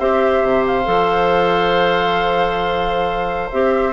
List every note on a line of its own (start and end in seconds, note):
0.00 0.43 C4
0.00 0.85 G4
0.00 3.93 C5
0.00 0.66 E5
0.43 0.87 C3
0.67 3.51 F5
0.85 3.52 F3
0.85 3.50 A4
3.51 3.93 C4
3.51 3.93 G4
3.51 3.93 E5